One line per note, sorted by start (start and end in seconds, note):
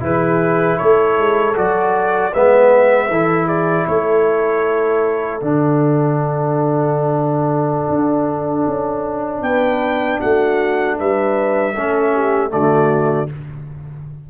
0.00 0.78 E3
0.00 1.54 E4
0.00 0.78 G#4
0.00 0.78 B4
0.78 1.17 A3
0.78 2.32 A4
0.78 1.54 C#5
1.17 1.56 G#3
1.55 2.34 F#3
1.55 2.32 F#4
1.55 2.33 D5
2.33 3.09 G#3
2.33 3.11 B3
2.33 3.10 B4
2.33 3.48 E5
3.09 3.86 E3
3.09 5.40 E4
3.09 3.46 A4
3.46 3.84 G#4
3.46 3.86 D5
3.87 5.41 A3
3.87 9.43 A4
3.87 5.41 C#5
5.40 7.89 D3
5.40 11.75 D4
5.40 9.42 F#5
7.89 8.66 D4
8.67 9.41 C#4
9.41 10.18 B3
9.41 10.19 B4
9.41 10.19 G5
10.19 10.99 A3
10.19 10.96 F#4
10.19 10.97 F#5
10.98 11.76 G3
10.98 11.74 B4
10.98 12.52 E5
11.74 12.53 A3
11.74 12.50 C#4
11.74 12.12 A4
12.13 12.51 G4
12.50 13.30 D3
12.50 13.27 A3
12.50 13.30 F#4
12.50 13.29 D5